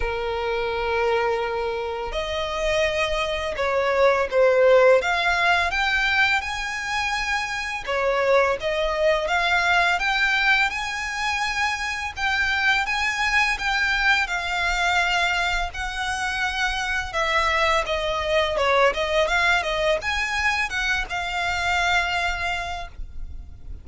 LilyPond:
\new Staff \with { instrumentName = "violin" } { \time 4/4 \tempo 4 = 84 ais'2. dis''4~ | dis''4 cis''4 c''4 f''4 | g''4 gis''2 cis''4 | dis''4 f''4 g''4 gis''4~ |
gis''4 g''4 gis''4 g''4 | f''2 fis''2 | e''4 dis''4 cis''8 dis''8 f''8 dis''8 | gis''4 fis''8 f''2~ f''8 | }